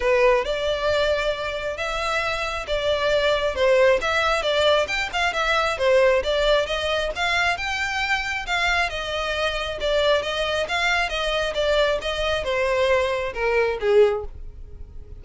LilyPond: \new Staff \with { instrumentName = "violin" } { \time 4/4 \tempo 4 = 135 b'4 d''2. | e''2 d''2 | c''4 e''4 d''4 g''8 f''8 | e''4 c''4 d''4 dis''4 |
f''4 g''2 f''4 | dis''2 d''4 dis''4 | f''4 dis''4 d''4 dis''4 | c''2 ais'4 gis'4 | }